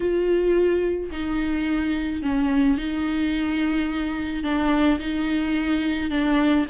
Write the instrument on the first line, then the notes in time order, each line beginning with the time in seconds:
viola
0.00 F4
1.11 D#4
2.22 C#4
2.77 D#4
4.43 D4
4.99 D#4
6.10 D4